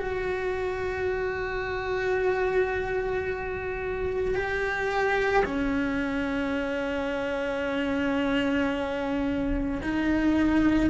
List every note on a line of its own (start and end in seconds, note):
0.00 4.35 F#4
4.35 5.44 G4
5.45 9.81 C#4
9.82 10.90 D#4